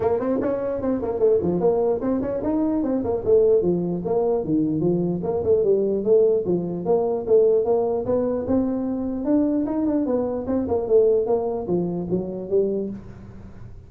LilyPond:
\new Staff \with { instrumentName = "tuba" } { \time 4/4 \tempo 4 = 149 ais8 c'8 cis'4 c'8 ais8 a8 f8 | ais4 c'8 cis'8 dis'4 c'8 ais8 | a4 f4 ais4 dis4 | f4 ais8 a8 g4 a4 |
f4 ais4 a4 ais4 | b4 c'2 d'4 | dis'8 d'8 b4 c'8 ais8 a4 | ais4 f4 fis4 g4 | }